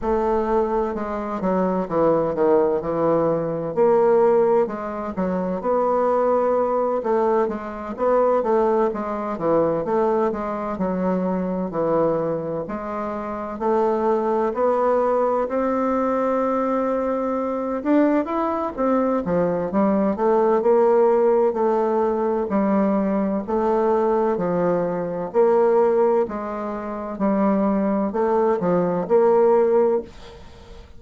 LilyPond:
\new Staff \with { instrumentName = "bassoon" } { \time 4/4 \tempo 4 = 64 a4 gis8 fis8 e8 dis8 e4 | ais4 gis8 fis8 b4. a8 | gis8 b8 a8 gis8 e8 a8 gis8 fis8~ | fis8 e4 gis4 a4 b8~ |
b8 c'2~ c'8 d'8 e'8 | c'8 f8 g8 a8 ais4 a4 | g4 a4 f4 ais4 | gis4 g4 a8 f8 ais4 | }